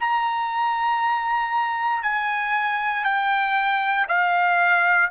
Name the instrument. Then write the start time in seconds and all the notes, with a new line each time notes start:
trumpet
0.00 A#5
2.03 G#5
3.05 G5
4.08 F5